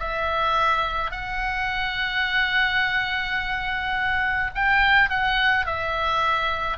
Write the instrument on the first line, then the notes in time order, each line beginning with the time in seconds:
oboe
0.00 E5
1.11 F#5
4.55 G5
5.10 F#5
5.66 E5